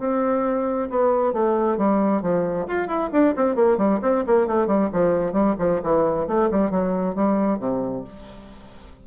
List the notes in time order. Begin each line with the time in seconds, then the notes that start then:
0.00 C4
0.90 B3
1.34 A3
1.78 G3
2.22 F3
2.68 F4
2.88 E4
3.13 D4
3.36 C4
3.56 A#3
3.78 G3
4.02 C4
4.27 A#3
4.47 A3
4.68 G3
4.93 F3
5.33 G3
5.59 F3
5.84 E3
6.28 A3
6.52 G3
6.71 F#3
7.15 G3
7.60 C3